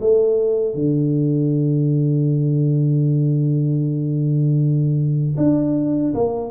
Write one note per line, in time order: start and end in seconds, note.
0.00 0.74 A3
0.74 5.36 D3
5.36 6.13 D4
6.14 6.50 A#3